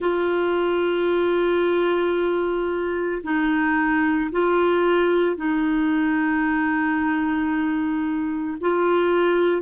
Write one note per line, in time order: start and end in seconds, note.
0.00 3.22 F4
3.23 4.30 D#4
4.31 5.36 F4
5.36 8.57 D#4
8.61 9.62 F4